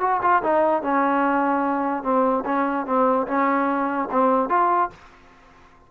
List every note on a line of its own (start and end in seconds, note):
0.00 0.20 F#4
0.22 0.42 F4
0.43 0.82 D#4
0.82 2.03 C#4
2.03 2.44 C4
2.45 2.86 C#4
2.86 3.26 C4
3.27 4.09 C#4
4.11 4.49 C4
4.49 4.90 F4